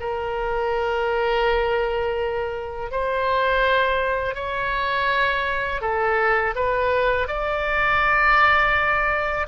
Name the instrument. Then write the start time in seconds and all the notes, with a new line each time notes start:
oboe
0.00 A#4
2.91 C5
4.35 C#5
5.81 A4
6.55 B4
7.27 D5